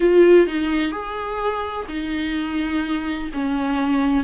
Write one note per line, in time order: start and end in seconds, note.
0.00 0.46 F4
0.46 0.91 D#4
0.91 1.86 G#4
1.88 3.30 D#4
3.33 4.23 C#4